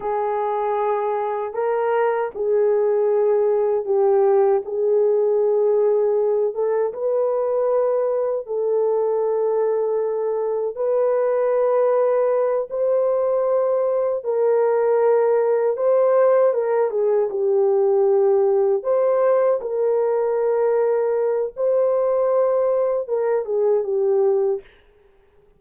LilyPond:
\new Staff \with { instrumentName = "horn" } { \time 4/4 \tempo 4 = 78 gis'2 ais'4 gis'4~ | gis'4 g'4 gis'2~ | gis'8 a'8 b'2 a'4~ | a'2 b'2~ |
b'8 c''2 ais'4.~ | ais'8 c''4 ais'8 gis'8 g'4.~ | g'8 c''4 ais'2~ ais'8 | c''2 ais'8 gis'8 g'4 | }